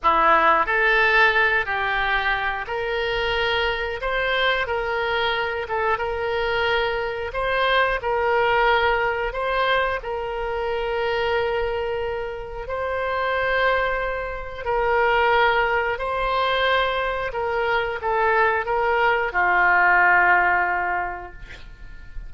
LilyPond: \new Staff \with { instrumentName = "oboe" } { \time 4/4 \tempo 4 = 90 e'4 a'4. g'4. | ais'2 c''4 ais'4~ | ais'8 a'8 ais'2 c''4 | ais'2 c''4 ais'4~ |
ais'2. c''4~ | c''2 ais'2 | c''2 ais'4 a'4 | ais'4 f'2. | }